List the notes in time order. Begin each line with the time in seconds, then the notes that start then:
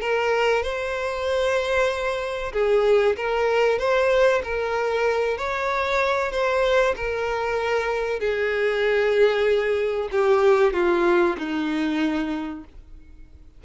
0.00 A#4
0.63 C5
2.52 G#4
3.16 A#4
3.79 C5
4.43 A#4
5.37 C#5
6.32 C5
6.96 A#4
8.19 G#4
10.11 G4
10.73 F4
11.38 D#4